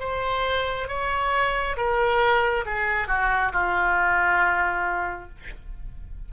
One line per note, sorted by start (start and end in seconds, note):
0.00 0.88 C5
0.89 1.77 C#5
1.77 2.65 A#4
2.66 3.08 G#4
3.08 3.52 F#4
3.53 5.29 F4